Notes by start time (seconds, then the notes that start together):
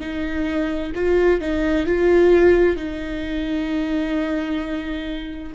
0.00 D#4
0.95 F4
1.41 D#4
1.86 F4
2.76 D#4